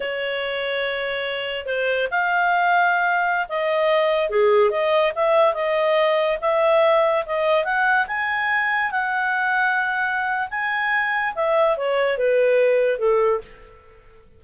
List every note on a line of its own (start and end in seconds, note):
0.00 1.66 C#5
1.66 2.08 C5
2.11 3.47 F5
3.48 4.29 D#5
4.29 4.70 G#4
4.70 5.12 D#5
5.15 5.53 E5
5.53 6.37 D#5
6.41 7.25 E5
7.25 7.64 D#5
7.64 8.06 F#5
8.07 8.91 G#5
8.91 10.48 F#5
10.50 11.34 G#5
11.35 11.77 E5
11.77 12.17 C#5
12.17 12.99 B4
12.99 13.41 A4